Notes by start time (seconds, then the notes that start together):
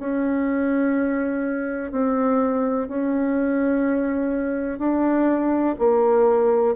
0.00 C#4
1.92 C4
2.89 C#4
4.79 D4
5.79 A#3